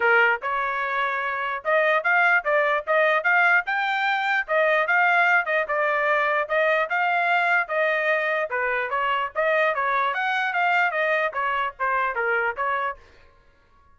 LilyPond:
\new Staff \with { instrumentName = "trumpet" } { \time 4/4 \tempo 4 = 148 ais'4 cis''2. | dis''4 f''4 d''4 dis''4 | f''4 g''2 dis''4 | f''4. dis''8 d''2 |
dis''4 f''2 dis''4~ | dis''4 b'4 cis''4 dis''4 | cis''4 fis''4 f''4 dis''4 | cis''4 c''4 ais'4 cis''4 | }